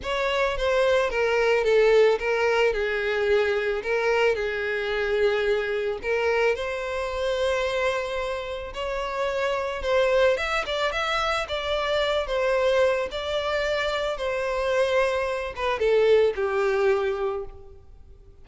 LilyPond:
\new Staff \with { instrumentName = "violin" } { \time 4/4 \tempo 4 = 110 cis''4 c''4 ais'4 a'4 | ais'4 gis'2 ais'4 | gis'2. ais'4 | c''1 |
cis''2 c''4 e''8 d''8 | e''4 d''4. c''4. | d''2 c''2~ | c''8 b'8 a'4 g'2 | }